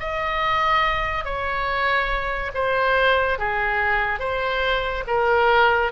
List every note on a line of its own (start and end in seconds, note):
0.00 1.25 D#5
1.25 2.52 C#5
2.55 3.39 C5
3.39 4.19 G#4
4.19 5.04 C5
5.07 5.92 A#4